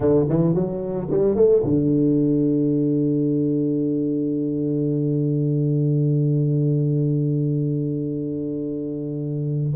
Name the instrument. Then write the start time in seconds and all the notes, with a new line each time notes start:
tuba
0.00 D3
0.29 E3
0.54 F#3
1.10 G3
1.35 A3
1.63 D3